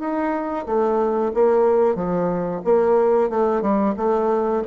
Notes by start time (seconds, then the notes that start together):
0.00 D#4
0.66 A3
1.35 A#3
1.96 F3
2.65 A#3
3.30 A3
3.62 G3
3.97 A3